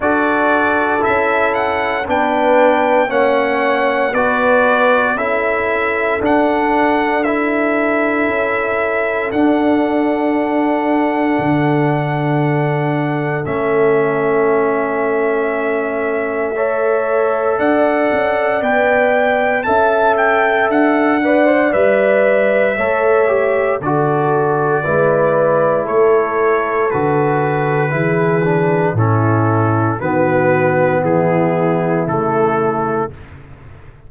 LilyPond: <<
  \new Staff \with { instrumentName = "trumpet" } { \time 4/4 \tempo 4 = 58 d''4 e''8 fis''8 g''4 fis''4 | d''4 e''4 fis''4 e''4~ | e''4 fis''2.~ | fis''4 e''2.~ |
e''4 fis''4 g''4 a''8 g''8 | fis''4 e''2 d''4~ | d''4 cis''4 b'2 | a'4 b'4 gis'4 a'4 | }
  \new Staff \with { instrumentName = "horn" } { \time 4/4 a'2 b'4 cis''4 | b'4 a'2.~ | a'1~ | a'1 |
cis''4 d''2 e''4~ | e''8 d''4. cis''4 a'4 | b'4 a'2 gis'4 | e'4 fis'4 e'2 | }
  \new Staff \with { instrumentName = "trombone" } { \time 4/4 fis'4 e'4 d'4 cis'4 | fis'4 e'4 d'4 e'4~ | e'4 d'2.~ | d'4 cis'2. |
a'2 b'4 a'4~ | a'8 b'16 c''16 b'4 a'8 g'8 fis'4 | e'2 fis'4 e'8 d'8 | cis'4 b2 a4 | }
  \new Staff \with { instrumentName = "tuba" } { \time 4/4 d'4 cis'4 b4 ais4 | b4 cis'4 d'2 | cis'4 d'2 d4~ | d4 a2.~ |
a4 d'8 cis'8 b4 cis'4 | d'4 g4 a4 d4 | gis4 a4 d4 e4 | a,4 dis4 e4 cis4 | }
>>